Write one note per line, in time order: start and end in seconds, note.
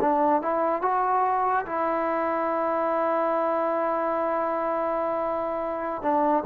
0.00 0.41 D4
0.41 0.81 E4
0.81 1.65 F#4
1.66 6.02 E4
6.02 6.44 D4